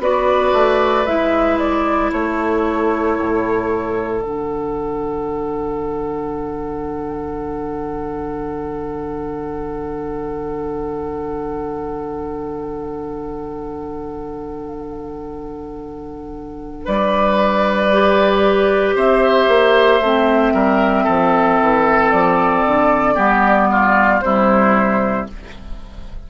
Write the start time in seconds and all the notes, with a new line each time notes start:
0.00 B3 F#4 B4 D5
0.53 A3
1.06 G#3 E4 E5
1.59 D5
2.13 A3 A4 C#5
3.20 A2
4.22 D3 D4 F#5
16.86 G3 B4 D5
17.93 G4
18.95 C4 C5 E5
19.48 A#3
20.01 A3 C4
20.54 G3 A#4
21.04 F3 A4
21.61 E3
22.11 F3 D5
22.66 D3
23.15 G3 B3 G4
23.72 F4
24.21 C3 G3 E4 C5